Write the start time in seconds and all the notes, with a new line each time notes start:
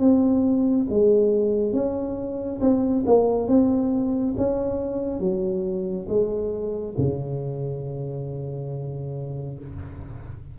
0.00 C4
0.90 G#3
1.73 C#4
2.61 C4
3.06 A#3
3.48 C4
4.38 C#4
5.20 F#3
6.09 G#3
6.98 C#3